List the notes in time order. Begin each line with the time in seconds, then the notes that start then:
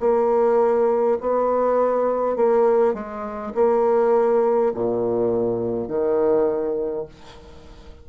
0.00 A#3
1.21 B3
2.36 A#3
2.94 G#3
3.55 A#3
4.74 A#2
5.88 D#3